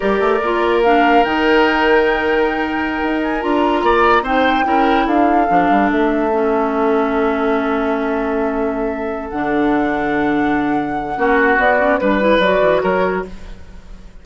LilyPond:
<<
  \new Staff \with { instrumentName = "flute" } { \time 4/4 \tempo 4 = 145 d''2 f''4 g''4~ | g''2.~ g''8. gis''16~ | gis''16 ais''2 g''4.~ g''16~ | g''16 f''2 e''4.~ e''16~ |
e''1~ | e''2~ e''8 fis''4.~ | fis''1 | d''4 b'4 d''4 cis''4 | }
  \new Staff \with { instrumentName = "oboe" } { \time 4/4 ais'1~ | ais'1~ | ais'4~ ais'16 d''4 c''4 ais'8.~ | ais'16 a'2.~ a'8.~ |
a'1~ | a'1~ | a'2. fis'4~ | fis'4 b'2 ais'4 | }
  \new Staff \with { instrumentName = "clarinet" } { \time 4/4 g'4 f'4 d'4 dis'4~ | dis'1~ | dis'16 f'2 dis'4 e'8.~ | e'4~ e'16 d'2 cis'8.~ |
cis'1~ | cis'2~ cis'8 d'4.~ | d'2. cis'4 | b8 cis'8 d'8 e'8 fis'2 | }
  \new Staff \with { instrumentName = "bassoon" } { \time 4/4 g8 a8 ais2 dis4~ | dis2.~ dis16 dis'8.~ | dis'16 d'4 ais4 c'4 cis'8.~ | cis'16 d'4 f8 g8 a4.~ a16~ |
a1~ | a2~ a8 d4.~ | d2. ais4 | b4 g4 fis8 e8 fis4 | }
>>